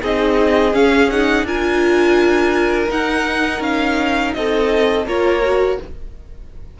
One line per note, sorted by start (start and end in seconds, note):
0.00 0.74 C4
0.00 0.72 D#4
0.00 1.46 G#4
0.00 0.75 D#5
0.73 1.09 C#4
0.73 1.43 C#4
0.73 1.10 F5
1.10 1.47 D#4
1.10 1.46 F#5
1.43 2.88 D4
1.43 2.88 F4
1.43 4.36 A#4
1.43 2.91 G#5
2.88 5.05 D#4
2.88 3.60 D#4
2.88 3.62 F#5
3.60 4.32 C#4
3.60 4.34 F5
4.34 5.06 C4
4.34 5.06 A4
4.34 5.06 D#5
5.06 5.78 A#3
5.06 5.43 F4
5.06 5.79 A#4
5.06 5.80 C#5
5.44 5.80 F#4